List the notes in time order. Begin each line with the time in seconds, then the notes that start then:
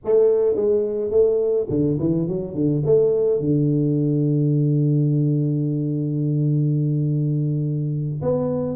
0.04 A3
0.55 G#3
1.10 A3
1.69 D3
1.99 E3
2.27 F#3
2.54 D3
2.85 A3
3.40 D3
8.22 B3